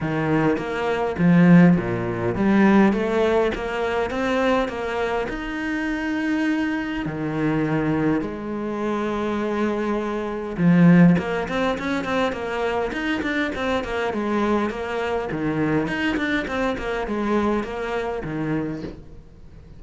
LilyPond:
\new Staff \with { instrumentName = "cello" } { \time 4/4 \tempo 4 = 102 dis4 ais4 f4 ais,4 | g4 a4 ais4 c'4 | ais4 dis'2. | dis2 gis2~ |
gis2 f4 ais8 c'8 | cis'8 c'8 ais4 dis'8 d'8 c'8 ais8 | gis4 ais4 dis4 dis'8 d'8 | c'8 ais8 gis4 ais4 dis4 | }